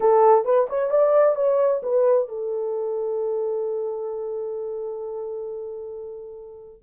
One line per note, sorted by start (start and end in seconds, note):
0.00 0.44 A4
0.44 0.67 B4
0.69 0.90 C#5
0.90 1.35 D5
1.35 1.81 C#5
1.82 2.28 B4
2.28 6.82 A4